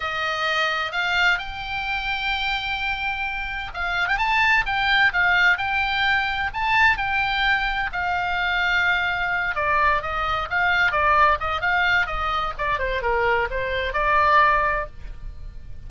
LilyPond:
\new Staff \with { instrumentName = "oboe" } { \time 4/4 \tempo 4 = 129 dis''2 f''4 g''4~ | g''1 | f''8. g''16 a''4 g''4 f''4 | g''2 a''4 g''4~ |
g''4 f''2.~ | f''8 d''4 dis''4 f''4 d''8~ | d''8 dis''8 f''4 dis''4 d''8 c''8 | ais'4 c''4 d''2 | }